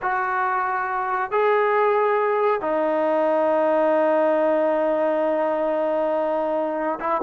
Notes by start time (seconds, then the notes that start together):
0.01 F#4
1.31 G#4
2.61 D#4
7.00 E4